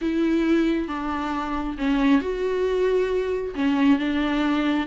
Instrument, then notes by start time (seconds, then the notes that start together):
viola
0.01 E4
0.88 D4
1.78 C#4
2.21 F#4
3.55 C#4
3.99 D4